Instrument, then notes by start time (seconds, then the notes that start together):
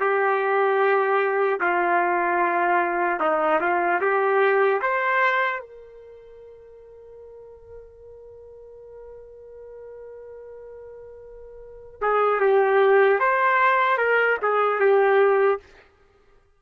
trumpet
0.00 G4
1.60 F4
3.20 D#4
3.60 F4
4.01 G4
4.82 C5
5.60 A#4
12.01 G#4
12.40 G4
13.20 C5
13.98 A#4
14.42 G#4
14.80 G4